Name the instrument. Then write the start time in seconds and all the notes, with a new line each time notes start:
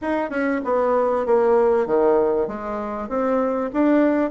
bassoon
0.01 D#4
0.30 C#4
0.64 B3
1.26 A#3
1.86 D#3
2.47 G#3
3.08 C4
3.73 D4